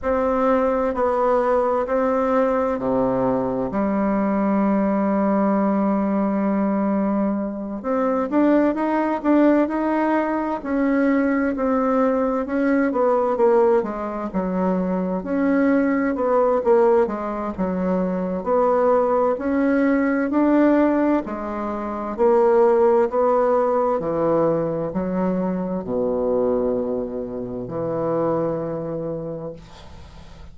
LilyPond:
\new Staff \with { instrumentName = "bassoon" } { \time 4/4 \tempo 4 = 65 c'4 b4 c'4 c4 | g1~ | g8 c'8 d'8 dis'8 d'8 dis'4 cis'8~ | cis'8 c'4 cis'8 b8 ais8 gis8 fis8~ |
fis8 cis'4 b8 ais8 gis8 fis4 | b4 cis'4 d'4 gis4 | ais4 b4 e4 fis4 | b,2 e2 | }